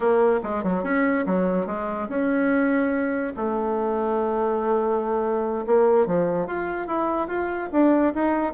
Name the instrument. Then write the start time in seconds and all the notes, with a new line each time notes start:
bassoon
0.00 A#3
0.43 G#3
0.63 F#3
0.83 C#4
1.25 F#3
1.66 G#3
2.08 C#4
3.36 A3
5.66 A#3
6.06 F3
6.46 F4
6.87 E4
7.27 F4
7.72 D4
8.14 D#4